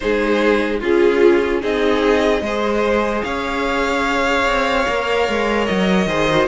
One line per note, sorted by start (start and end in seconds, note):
0.00 0.82 G#3
0.00 0.80 D#4
0.00 0.79 G#4
0.00 0.80 C5
0.79 1.63 C#4
0.79 1.60 F4
0.79 1.61 F4
0.79 1.62 G#4
1.61 2.41 C4
1.61 2.42 D#4
1.61 2.42 G#4
1.61 3.23 D#5
2.41 3.22 G#3
2.41 3.24 C5
2.47 4.88 G#4
3.23 4.45 C#4
3.23 6.08 C#5
3.23 5.66 F5
4.45 4.85 C4
4.88 5.28 A#3
4.88 6.08 A#4
5.28 5.68 G#3
5.66 6.06 F#3
5.66 6.47 D#5
6.06 6.47 D#3
6.06 6.29 G#4
6.06 6.48 C5
6.30 6.48 F#4